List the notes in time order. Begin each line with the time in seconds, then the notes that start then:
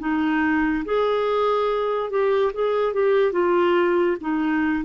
0.00 D#4
0.85 G#4
2.10 G4
2.54 G#4
2.93 G4
3.33 F4
4.21 D#4